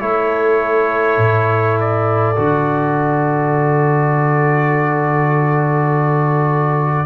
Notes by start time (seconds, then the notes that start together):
0.00 A3 E4 A4 C#5
1.17 A2
1.80 D5
2.36 D3 F#4